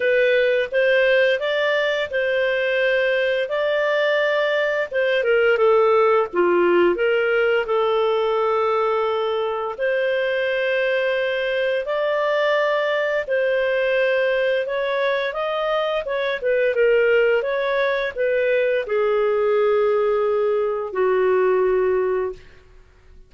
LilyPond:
\new Staff \with { instrumentName = "clarinet" } { \time 4/4 \tempo 4 = 86 b'4 c''4 d''4 c''4~ | c''4 d''2 c''8 ais'8 | a'4 f'4 ais'4 a'4~ | a'2 c''2~ |
c''4 d''2 c''4~ | c''4 cis''4 dis''4 cis''8 b'8 | ais'4 cis''4 b'4 gis'4~ | gis'2 fis'2 | }